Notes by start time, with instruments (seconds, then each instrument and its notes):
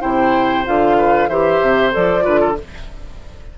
0.00 bassoon C3, clarinet E4, oboe C5, flute G5
0.65 bassoon D3, clarinet F4, flute F5
0.97 oboe B4
1.28 bassoon E3, clarinet G4, oboe C5, flute E5
1.61 bassoon C3
1.91 bassoon F3, clarinet A4, flute D5
2.21 bassoon D3, clarinet F4, oboe B4
2.40 oboe A4